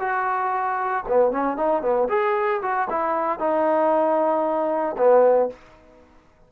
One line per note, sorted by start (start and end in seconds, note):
0.00 1.04 F#4
1.08 1.32 B3
1.32 1.57 C#4
1.57 1.82 D#4
1.82 2.08 B3
2.09 2.61 G#4
2.62 2.88 F#4
2.90 3.40 E4
3.40 4.96 D#4
4.98 5.50 B3